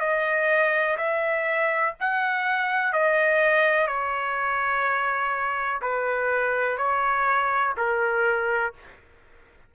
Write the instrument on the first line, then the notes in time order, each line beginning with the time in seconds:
trumpet
0.00 D#5
0.97 E5
2.00 F#5
2.93 D#5
3.87 C#5
5.82 B4
6.77 C#5
7.77 A#4